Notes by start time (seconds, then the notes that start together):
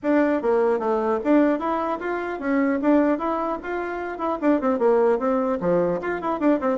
0.03 D4
0.41 A#3
0.79 A3
1.23 D4
1.59 E4
1.99 F4
2.39 C#4
2.81 D4
3.18 E4
3.62 F4
4.18 E4
4.41 D4
4.61 C4
4.78 A#3
5.18 C4
5.60 F3
6.01 F4
6.21 E4
6.40 D4
6.60 C4